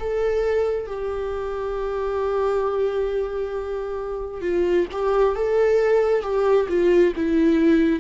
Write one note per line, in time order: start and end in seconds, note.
0.00 0.87 A4
0.87 4.42 G4
4.42 4.86 F4
4.92 5.36 G4
5.36 6.23 A4
6.23 6.68 G4
6.69 7.14 F4
7.16 8.00 E4